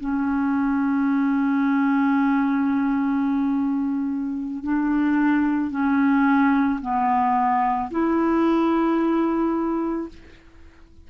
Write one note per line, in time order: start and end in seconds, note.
0.00 4.64 C#4
4.64 5.71 D4
5.71 6.80 C#4
6.81 7.90 B3
7.91 10.09 E4